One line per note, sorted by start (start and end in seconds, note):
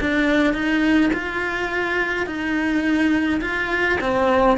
0.00 0.53 D4
0.53 1.10 D#4
1.13 2.26 F4
2.26 3.40 D#4
3.41 3.98 F4
4.01 4.58 C4